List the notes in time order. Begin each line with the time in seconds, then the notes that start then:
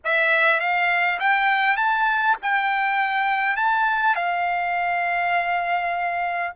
0.04 E5
0.59 F5
1.19 G5
1.77 A5
2.41 G5
3.56 A5
4.15 F5